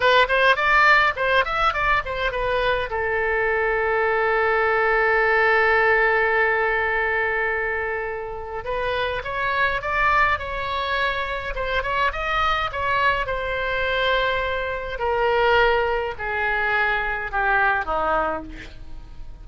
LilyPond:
\new Staff \with { instrumentName = "oboe" } { \time 4/4 \tempo 4 = 104 b'8 c''8 d''4 c''8 e''8 d''8 c''8 | b'4 a'2.~ | a'1~ | a'2. b'4 |
cis''4 d''4 cis''2 | c''8 cis''8 dis''4 cis''4 c''4~ | c''2 ais'2 | gis'2 g'4 dis'4 | }